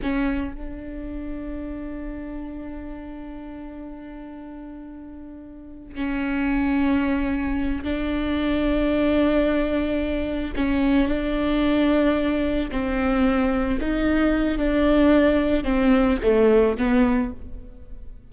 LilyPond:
\new Staff \with { instrumentName = "viola" } { \time 4/4 \tempo 4 = 111 cis'4 d'2.~ | d'1~ | d'2. cis'4~ | cis'2~ cis'8 d'4.~ |
d'2.~ d'8 cis'8~ | cis'8 d'2. c'8~ | c'4. dis'4. d'4~ | d'4 c'4 a4 b4 | }